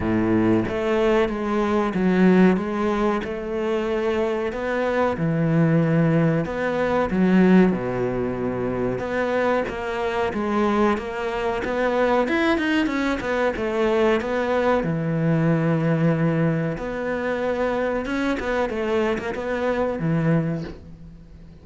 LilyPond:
\new Staff \with { instrumentName = "cello" } { \time 4/4 \tempo 4 = 93 a,4 a4 gis4 fis4 | gis4 a2 b4 | e2 b4 fis4 | b,2 b4 ais4 |
gis4 ais4 b4 e'8 dis'8 | cis'8 b8 a4 b4 e4~ | e2 b2 | cis'8 b8 a8. ais16 b4 e4 | }